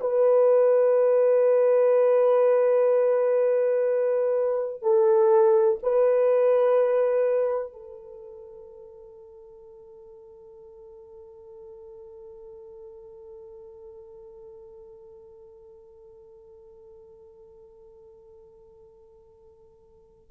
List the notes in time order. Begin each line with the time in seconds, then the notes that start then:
0.00 B4
4.82 A4
5.82 B4
7.72 A4